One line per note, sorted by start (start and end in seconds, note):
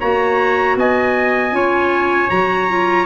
0.00 0.76 A#3
0.00 1.52 F#4
0.00 0.77 C#5
0.00 0.77 A#5
0.76 1.52 B3
0.76 1.56 D#5
0.76 2.30 G#5
1.52 2.29 C#4
1.52 2.29 F4
1.52 3.06 C#5
2.30 3.06 F#3
2.30 2.69 F#4
2.30 3.06 A#5
2.69 3.06 F4